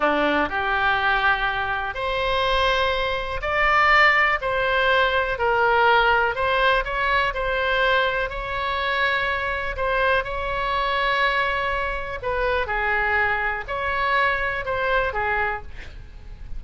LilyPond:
\new Staff \with { instrumentName = "oboe" } { \time 4/4 \tempo 4 = 123 d'4 g'2. | c''2. d''4~ | d''4 c''2 ais'4~ | ais'4 c''4 cis''4 c''4~ |
c''4 cis''2. | c''4 cis''2.~ | cis''4 b'4 gis'2 | cis''2 c''4 gis'4 | }